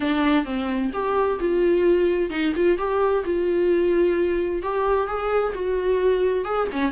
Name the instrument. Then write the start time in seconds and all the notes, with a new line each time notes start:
viola
0.00 D4
0.44 C4
0.93 G4
1.39 F4
2.30 D#4
2.55 F4
2.77 G4
3.24 F4
4.62 G4
5.07 G#4
5.54 F#4
6.44 G#4
6.72 C#4